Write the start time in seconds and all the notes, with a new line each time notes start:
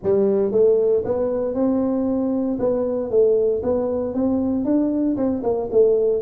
0.03 G3
0.51 A3
1.04 B3
1.54 C4
2.59 B3
3.10 A3
3.62 B3
4.14 C4
4.64 D4
5.16 C4
5.43 A#3
5.71 A3